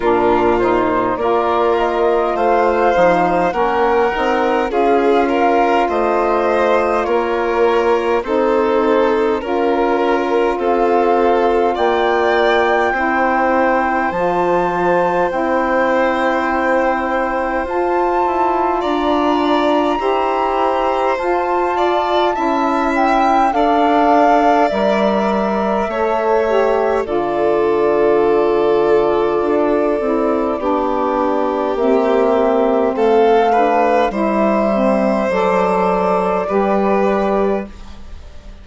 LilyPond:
<<
  \new Staff \with { instrumentName = "flute" } { \time 4/4 \tempo 4 = 51 ais'8 c''8 d''8 dis''8 f''4 fis''4 | f''4 dis''4 cis''4 c''4 | ais'4 f''4 g''2 | a''4 g''2 a''4 |
ais''2 a''4. g''8 | f''4 e''2 d''4~ | d''2. e''4 | f''4 e''4 d''2 | }
  \new Staff \with { instrumentName = "violin" } { \time 4/4 f'4 ais'4 c''4 ais'4 | gis'8 ais'8 c''4 ais'4 a'4 | ais'4 a'4 d''4 c''4~ | c''1 |
d''4 c''4. d''8 e''4 | d''2 cis''4 a'4~ | a'2 g'2 | a'8 b'8 c''2 b'4 | }
  \new Staff \with { instrumentName = "saxophone" } { \time 4/4 d'8 dis'8 f'4. dis'8 cis'8 dis'8 | f'2. dis'4 | f'2. e'4 | f'4 e'2 f'4~ |
f'4 g'4 f'4 e'4 | a'4 ais'4 a'8 g'8 f'4~ | f'4. e'8 d'4 c'4~ | c'8 d'8 e'8 c'8 a'4 g'4 | }
  \new Staff \with { instrumentName = "bassoon" } { \time 4/4 ais,4 ais4 a8 f8 ais8 c'8 | cis'4 a4 ais4 c'4 | cis'4 c'4 ais4 c'4 | f4 c'2 f'8 e'8 |
d'4 e'4 f'4 cis'4 | d'4 g4 a4 d4~ | d4 d'8 c'8 b4 ais4 | a4 g4 fis4 g4 | }
>>